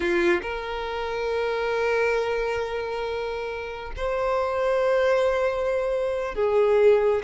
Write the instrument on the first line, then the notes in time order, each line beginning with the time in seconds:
violin
0.00 F4
0.42 A#4
3.96 C5
6.34 G#4